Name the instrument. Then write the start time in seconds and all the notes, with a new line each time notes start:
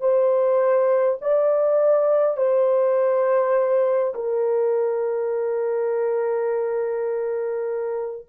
horn
0.00 C5
1.21 D5
2.37 C5
4.14 A#4